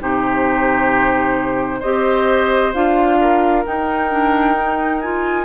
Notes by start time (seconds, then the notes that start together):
0.00 C3 D#4 G4 C5
1.80 C4 G4 C5 D#5
2.74 D4 F4 F5
3.21 A#4
3.66 D#4 G5
4.11 D4
4.56 D#4
5.01 F4 G#5